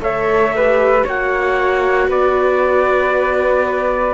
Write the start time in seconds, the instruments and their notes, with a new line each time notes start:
0.00 cello A3, viola A4, flute C#5, trumpet E5
0.55 viola G4, flute B4
1.04 cello A#3, viola F#4, flute C#5, trumpet F#5
2.08 cello B3, flute B4, trumpet D5